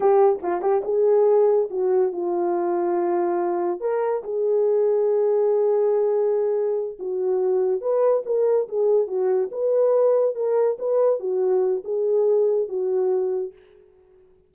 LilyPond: \new Staff \with { instrumentName = "horn" } { \time 4/4 \tempo 4 = 142 g'4 f'8 g'8 gis'2 | fis'4 f'2.~ | f'4 ais'4 gis'2~ | gis'1~ |
gis'8 fis'2 b'4 ais'8~ | ais'8 gis'4 fis'4 b'4.~ | b'8 ais'4 b'4 fis'4. | gis'2 fis'2 | }